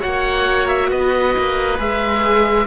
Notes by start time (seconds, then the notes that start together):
0.00 A#3 F#4 C#5 F#5
0.68 E5
0.90 B3 B4 D#5
1.38 A#3
1.78 G#3 G#4 E5